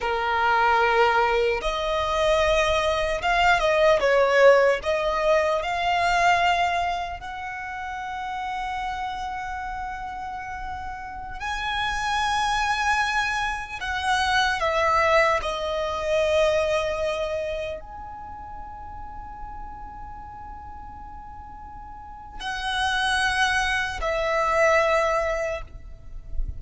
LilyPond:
\new Staff \with { instrumentName = "violin" } { \time 4/4 \tempo 4 = 75 ais'2 dis''2 | f''8 dis''8 cis''4 dis''4 f''4~ | f''4 fis''2.~ | fis''2~ fis''16 gis''4.~ gis''16~ |
gis''4~ gis''16 fis''4 e''4 dis''8.~ | dis''2~ dis''16 gis''4.~ gis''16~ | gis''1 | fis''2 e''2 | }